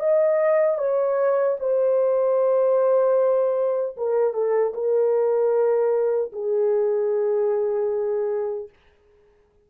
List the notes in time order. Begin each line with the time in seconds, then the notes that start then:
0.00 D#5
0.78 C#5
1.60 C5
3.97 A#4
4.33 A4
4.74 A#4
6.32 G#4